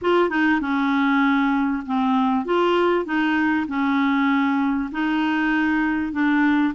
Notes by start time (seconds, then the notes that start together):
0.01 F4
0.29 D#4
0.61 C#4
1.86 C4
2.45 F4
3.05 D#4
3.67 C#4
4.91 D#4
6.12 D4